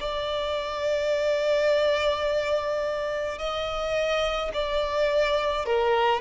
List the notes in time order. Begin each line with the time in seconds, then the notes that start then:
0.00 D5
3.39 D#5
4.54 D5
5.66 A#4